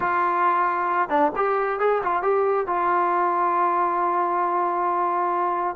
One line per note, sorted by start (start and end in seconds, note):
0.00 1.09 F4
1.09 1.31 D4
1.36 1.79 G4
1.79 2.01 G#4
2.03 2.22 F4
2.22 2.66 G4
2.66 5.76 F4